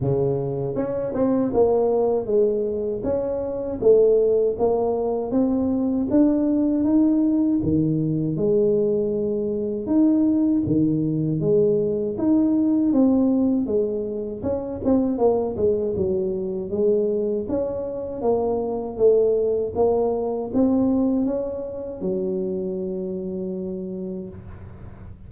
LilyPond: \new Staff \with { instrumentName = "tuba" } { \time 4/4 \tempo 4 = 79 cis4 cis'8 c'8 ais4 gis4 | cis'4 a4 ais4 c'4 | d'4 dis'4 dis4 gis4~ | gis4 dis'4 dis4 gis4 |
dis'4 c'4 gis4 cis'8 c'8 | ais8 gis8 fis4 gis4 cis'4 | ais4 a4 ais4 c'4 | cis'4 fis2. | }